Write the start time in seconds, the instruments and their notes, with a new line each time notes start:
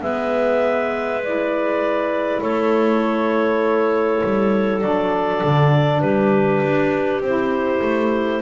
0.00 double bass G#3, saxophone B3, clarinet B4 E5
1.23 saxophone E4, clarinet D5
2.41 double bass A3, clarinet A4 C#5
4.23 double bass G3
4.81 double bass F#3, saxophone D4, clarinet D5
5.44 double bass D3
6.00 double bass G3, clarinet G4 B4
6.62 double bass D4
7.20 double bass C4, saxophone E4, clarinet C5
7.81 double bass A3